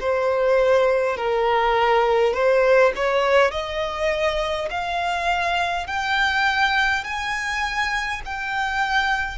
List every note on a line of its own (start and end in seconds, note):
0.00 1.17 C5
1.17 2.33 A#4
2.33 2.92 C5
2.95 3.51 C#5
3.51 4.68 D#5
4.70 5.87 F5
5.87 7.04 G5
7.04 8.21 G#5
8.25 9.38 G5